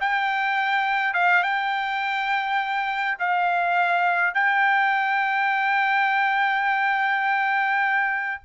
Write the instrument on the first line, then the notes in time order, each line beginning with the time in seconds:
trumpet
0.00 G5
1.14 F5
1.43 G5
3.19 F5
4.34 G5